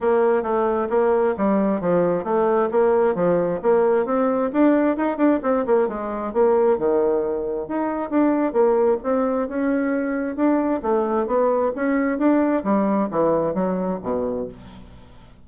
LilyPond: \new Staff \with { instrumentName = "bassoon" } { \time 4/4 \tempo 4 = 133 ais4 a4 ais4 g4 | f4 a4 ais4 f4 | ais4 c'4 d'4 dis'8 d'8 | c'8 ais8 gis4 ais4 dis4~ |
dis4 dis'4 d'4 ais4 | c'4 cis'2 d'4 | a4 b4 cis'4 d'4 | g4 e4 fis4 b,4 | }